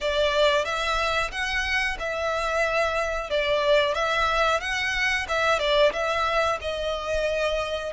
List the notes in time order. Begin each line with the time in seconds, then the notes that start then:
0.00 D5
0.64 E5
1.31 F#5
1.99 E5
3.30 D5
3.94 E5
4.60 F#5
5.28 E5
5.59 D5
5.92 E5
6.61 D#5